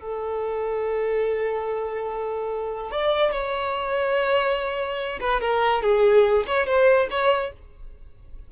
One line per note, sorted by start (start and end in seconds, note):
0.00 2.91 A4
2.91 3.32 D5
3.32 5.19 C#5
5.20 5.41 B4
5.41 5.82 A#4
5.82 6.45 G#4
6.47 6.66 C#5
6.66 7.08 C5
7.10 7.52 C#5